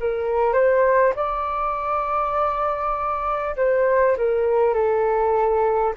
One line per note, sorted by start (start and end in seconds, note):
0.00 0.53 A#4
0.53 1.13 C5
1.16 3.56 D5
3.57 4.17 C5
4.18 4.75 A#4
4.75 5.95 A4